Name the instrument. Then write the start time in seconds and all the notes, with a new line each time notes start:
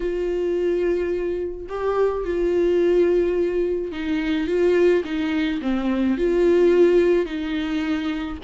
viola
0.00 F4
1.68 G4
2.24 F4
3.92 D#4
4.47 F4
5.04 D#4
5.61 C4
6.17 F4
7.25 D#4